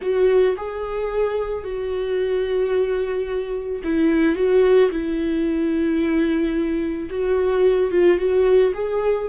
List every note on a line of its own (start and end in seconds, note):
0.01 0.56 F#4
0.57 1.64 G#4
1.64 3.82 F#4
3.84 4.35 E4
4.35 4.90 F#4
4.91 7.09 E4
7.10 7.91 F#4
7.91 8.18 F4
8.18 8.72 F#4
8.74 9.28 G#4